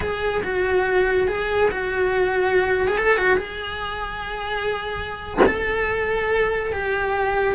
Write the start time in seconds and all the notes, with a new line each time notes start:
0.00 G#4
0.43 F#4
1.27 G#4
1.70 F#4
2.87 G#4
2.97 A4
3.17 F#4
3.37 G#4
5.46 A4
6.72 G4